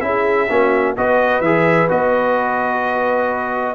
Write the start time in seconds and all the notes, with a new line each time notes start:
0.00 C#4 E4 G#4 E5
0.49 A#3 C#4 F#4
0.96 B3 F#4 B4 D#5
1.40 E3 G#4 E5
1.88 B3 F#4 D#5